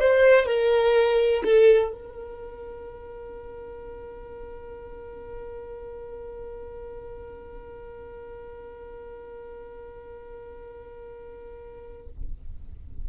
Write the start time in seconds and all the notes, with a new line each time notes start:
0.00 C5
0.46 A#4
1.44 A4
1.92 A#4